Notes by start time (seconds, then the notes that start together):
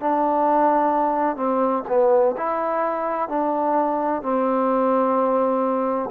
0.00 D4
1.36 C4
1.88 B3
2.37 E4
3.29 D4
4.22 C4